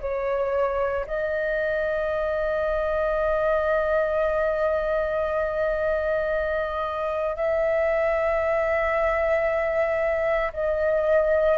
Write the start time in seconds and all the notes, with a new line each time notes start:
0.00 C#5
1.07 D#5
7.35 E5
10.53 D#5